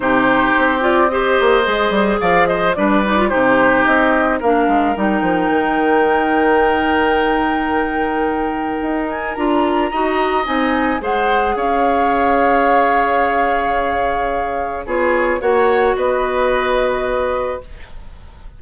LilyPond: <<
  \new Staff \with { instrumentName = "flute" } { \time 4/4 \tempo 4 = 109 c''4. d''8 dis''2 | f''8 dis''8 d''4 c''4 dis''4 | f''4 g''2.~ | g''1~ |
g''8 gis''8 ais''2 gis''4 | fis''4 f''2.~ | f''2. cis''4 | fis''4 dis''2. | }
  \new Staff \with { instrumentName = "oboe" } { \time 4/4 g'2 c''2 | d''8 c''8 b'4 g'2 | ais'1~ | ais'1~ |
ais'2 dis''2 | c''4 cis''2.~ | cis''2. gis'4 | cis''4 b'2. | }
  \new Staff \with { instrumentName = "clarinet" } { \time 4/4 dis'4. f'8 g'4 gis'4~ | gis'4 d'8 dis'16 f'16 dis'2 | d'4 dis'2.~ | dis'1~ |
dis'4 f'4 fis'4 dis'4 | gis'1~ | gis'2. f'4 | fis'1 | }
  \new Staff \with { instrumentName = "bassoon" } { \time 4/4 c4 c'4. ais8 gis8 g8 | f4 g4 c4 c'4 | ais8 gis8 g8 f8 dis2~ | dis1 |
dis'4 d'4 dis'4 c'4 | gis4 cis'2.~ | cis'2. b4 | ais4 b2. | }
>>